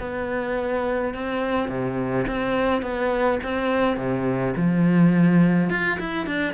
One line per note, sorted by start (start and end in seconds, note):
0.00 1.14 B3
1.14 1.69 C4
1.69 2.26 C3
2.28 2.83 C4
2.83 3.40 B3
3.44 3.97 C4
3.97 4.54 C3
4.57 5.70 F3
5.70 5.98 F4
6.00 6.26 E4
6.26 6.54 D4